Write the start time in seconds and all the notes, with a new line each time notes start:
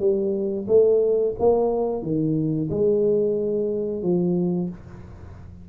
0.00 G3
0.68 A3
1.39 A#3
2.03 D#3
2.70 G#3
4.03 F3